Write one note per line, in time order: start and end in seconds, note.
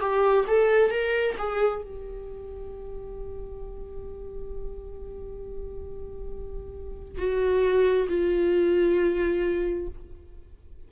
0.00 0.45 G4
0.48 0.91 A4
0.91 1.36 A#4
1.38 1.83 G#4
1.83 7.18 G4
7.18 8.08 F#4
8.08 9.88 F4